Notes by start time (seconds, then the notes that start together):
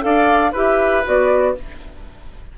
0.00 D4 A4 D5 F5
0.52 E4 G4 B4 E5
1.04 B3 F#4 D5